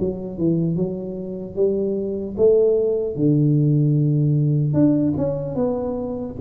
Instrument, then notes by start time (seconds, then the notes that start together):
tuba
0.00 F#3
0.38 E3
0.76 F#3
1.56 G3
2.38 A3
3.16 D3
4.74 D4
5.17 C#4
5.56 B3